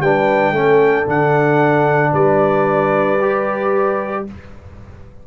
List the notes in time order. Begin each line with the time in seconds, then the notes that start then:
0.00 G3 D4 B4 G5
0.52 A3 C#4 A4
1.06 D3 D4 F#5
2.11 G3 B4 D5
3.21 G4